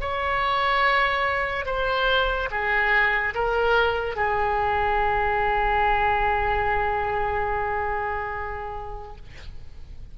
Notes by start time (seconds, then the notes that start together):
0.00 C#5
1.65 C5
2.50 G#4
3.34 A#4
4.16 G#4